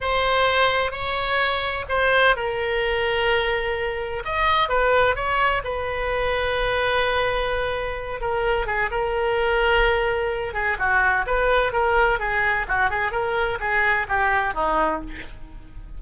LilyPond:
\new Staff \with { instrumentName = "oboe" } { \time 4/4 \tempo 4 = 128 c''2 cis''2 | c''4 ais'2.~ | ais'4 dis''4 b'4 cis''4 | b'1~ |
b'4. ais'4 gis'8 ais'4~ | ais'2~ ais'8 gis'8 fis'4 | b'4 ais'4 gis'4 fis'8 gis'8 | ais'4 gis'4 g'4 dis'4 | }